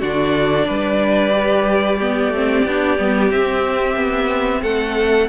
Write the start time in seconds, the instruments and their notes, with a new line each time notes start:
0.00 cello D3, viola D4, violin F#4 D5
0.67 cello G3, violin B4
1.32 viola G4
1.98 viola B3, violin G4
2.28 cello A3, viola C4
2.66 cello B3, viola D4
2.98 cello G3, viola B3
3.30 viola C4, cello C4, violin E5
3.96 cello B3
4.62 cello A3, violin A4 F#5